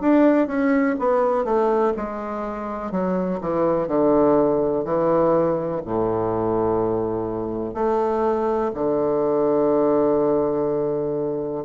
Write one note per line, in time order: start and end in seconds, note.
0.00 0.47 D4
0.47 0.95 C#4
0.99 1.44 B3
1.44 1.92 A3
1.96 2.91 G#3
2.91 3.40 F#3
3.41 3.88 E3
3.88 4.84 D3
4.84 5.81 E3
5.85 7.74 A2
7.74 8.71 A3
8.74 11.64 D3